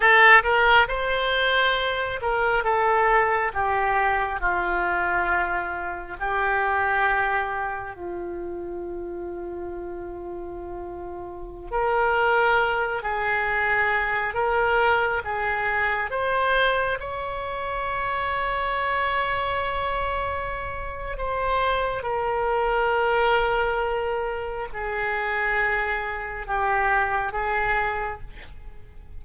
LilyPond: \new Staff \with { instrumentName = "oboe" } { \time 4/4 \tempo 4 = 68 a'8 ais'8 c''4. ais'8 a'4 | g'4 f'2 g'4~ | g'4 f'2.~ | f'4~ f'16 ais'4. gis'4~ gis'16~ |
gis'16 ais'4 gis'4 c''4 cis''8.~ | cis''1 | c''4 ais'2. | gis'2 g'4 gis'4 | }